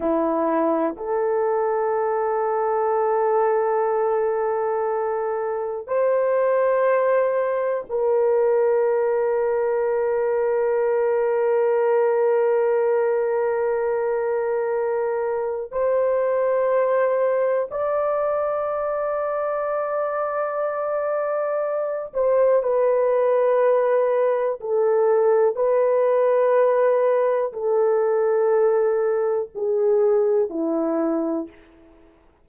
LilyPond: \new Staff \with { instrumentName = "horn" } { \time 4/4 \tempo 4 = 61 e'4 a'2.~ | a'2 c''2 | ais'1~ | ais'1 |
c''2 d''2~ | d''2~ d''8 c''8 b'4~ | b'4 a'4 b'2 | a'2 gis'4 e'4 | }